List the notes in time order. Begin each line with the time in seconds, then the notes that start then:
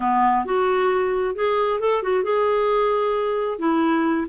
0.00 B3
0.45 F#4
1.35 G#4
1.80 A4
2.03 F#4
2.23 G#4
3.59 E4